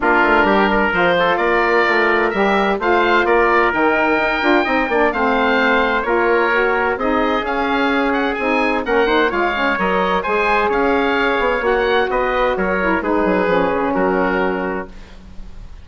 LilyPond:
<<
  \new Staff \with { instrumentName = "oboe" } { \time 4/4 \tempo 4 = 129 ais'2 c''4 d''4~ | d''4 e''4 f''4 d''4 | g''2. f''4~ | f''4 cis''2 dis''4 |
f''4. fis''8 gis''4 fis''4 | f''4 dis''4 gis''4 f''4~ | f''4 fis''4 dis''4 cis''4 | b'2 ais'2 | }
  \new Staff \with { instrumentName = "trumpet" } { \time 4/4 f'4 g'8 ais'4 a'8 ais'4~ | ais'2 c''4 ais'4~ | ais'2 dis''8 d''8 c''4~ | c''4 ais'2 gis'4~ |
gis'2. ais'8 c''8 | cis''2 c''4 cis''4~ | cis''2 b'4 ais'4 | gis'2 fis'2 | }
  \new Staff \with { instrumentName = "saxophone" } { \time 4/4 d'2 f'2~ | f'4 g'4 f'2 | dis'4. f'8 dis'8 d'8 c'4~ | c'4 f'4 fis'4 dis'4 |
cis'2 dis'4 cis'8 dis'8 | f'8 cis'8 ais'4 gis'2~ | gis'4 fis'2~ fis'8 e'8 | dis'4 cis'2. | }
  \new Staff \with { instrumentName = "bassoon" } { \time 4/4 ais8 a8 g4 f4 ais4 | a4 g4 a4 ais4 | dis4 dis'8 d'8 c'8 ais8 a4~ | a4 ais2 c'4 |
cis'2 c'4 ais4 | gis4 fis4 gis4 cis'4~ | cis'8 b8 ais4 b4 fis4 | gis8 fis8 f8 cis8 fis2 | }
>>